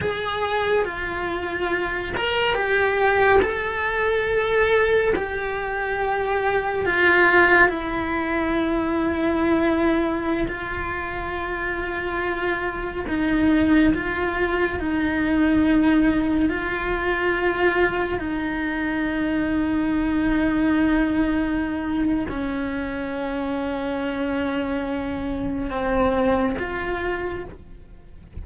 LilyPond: \new Staff \with { instrumentName = "cello" } { \time 4/4 \tempo 4 = 70 gis'4 f'4. ais'8 g'4 | a'2 g'2 | f'4 e'2.~ | e'16 f'2. dis'8.~ |
dis'16 f'4 dis'2 f'8.~ | f'4~ f'16 dis'2~ dis'8.~ | dis'2 cis'2~ | cis'2 c'4 f'4 | }